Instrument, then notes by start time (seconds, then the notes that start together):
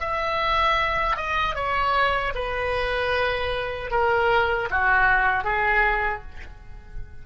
oboe
0.00 E5
1.17 D#5
1.55 C#5
2.35 B4
3.91 A#4
4.70 F#4
5.44 G#4